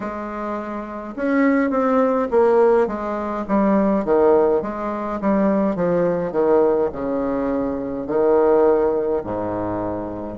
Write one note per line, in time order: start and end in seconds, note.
0.00 1.14 G#3
1.15 1.70 C#4
1.70 2.28 C4
2.30 2.87 A#3
2.87 3.45 G#3
3.48 4.04 G3
4.04 4.62 D#3
4.62 5.19 G#3
5.20 5.75 G3
5.75 6.31 F3
6.31 6.89 D#3
6.92 8.07 C#3
8.07 9.22 D#3
9.23 10.37 G#2